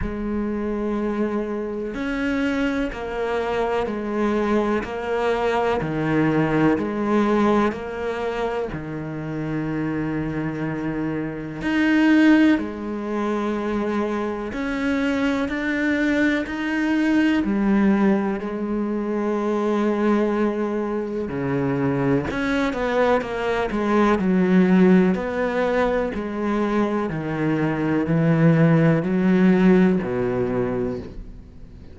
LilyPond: \new Staff \with { instrumentName = "cello" } { \time 4/4 \tempo 4 = 62 gis2 cis'4 ais4 | gis4 ais4 dis4 gis4 | ais4 dis2. | dis'4 gis2 cis'4 |
d'4 dis'4 g4 gis4~ | gis2 cis4 cis'8 b8 | ais8 gis8 fis4 b4 gis4 | dis4 e4 fis4 b,4 | }